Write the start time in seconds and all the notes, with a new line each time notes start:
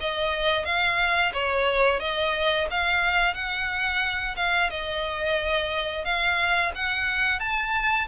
0.00 D#5
0.65 F5
1.33 C#5
2.00 D#5
2.70 F5
3.34 F#5
4.36 F5
4.70 D#5
6.04 F5
6.75 F#5
7.40 A5